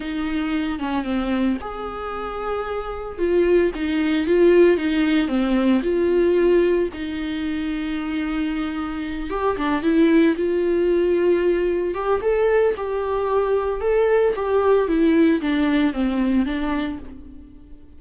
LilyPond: \new Staff \with { instrumentName = "viola" } { \time 4/4 \tempo 4 = 113 dis'4. cis'8 c'4 gis'4~ | gis'2 f'4 dis'4 | f'4 dis'4 c'4 f'4~ | f'4 dis'2.~ |
dis'4. g'8 d'8 e'4 f'8~ | f'2~ f'8 g'8 a'4 | g'2 a'4 g'4 | e'4 d'4 c'4 d'4 | }